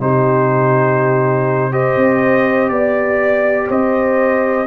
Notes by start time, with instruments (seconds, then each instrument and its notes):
0.00 tuba C3, trombone D#4, horn G4, trumpet C5
1.72 trombone G4, horn C5, trumpet D#5
1.97 tuba C4
2.69 tuba B3, trumpet D5, horn D5
3.69 tuba C4, horn C5, trumpet D#5